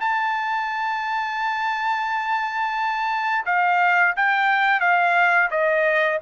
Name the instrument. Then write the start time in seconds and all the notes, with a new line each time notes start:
trumpet
0.00 A5
3.46 F5
4.16 G5
4.80 F5
5.50 D#5